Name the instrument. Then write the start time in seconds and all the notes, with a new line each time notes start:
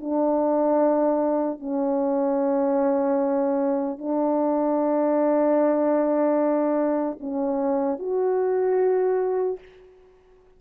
horn
0.00 D4
1.59 C#4
3.98 D4
7.20 C#4
7.99 F#4